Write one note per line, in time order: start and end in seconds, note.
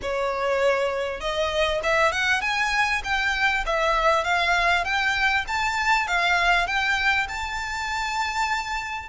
0.02 1.20 C#5
1.20 1.80 D#5
1.83 2.12 E5
2.12 2.41 F#5
2.41 3.01 G#5
3.04 3.64 G5
3.66 4.24 E5
4.24 4.84 F5
4.84 5.45 G5
5.47 6.07 A5
6.07 6.66 F5
6.66 7.27 G5
7.28 9.08 A5